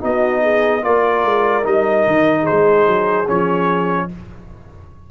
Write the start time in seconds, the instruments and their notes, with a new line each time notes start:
0.00 tuba B3, trombone D#4, horn F#4, trumpet D#5
0.42 horn G#4
0.82 tuba A#3, trombone F4, horn A#4, trumpet D5
1.24 tuba G#3
1.63 tuba G3, trombone D#4, trumpet D#5
2.07 tuba D#3
2.42 horn G#4, trumpet C5
2.51 tuba G#3
2.87 tuba F#3
3.27 tuba F3, trombone C#4, trumpet C#5